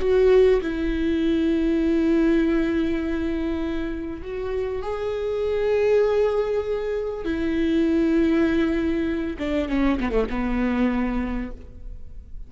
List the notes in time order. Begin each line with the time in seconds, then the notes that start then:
0.00 F#4
0.61 E4
4.23 F#4
4.82 G#4
7.25 E4
9.39 D4
9.69 C#4
10.00 B3
10.12 A3
10.30 B3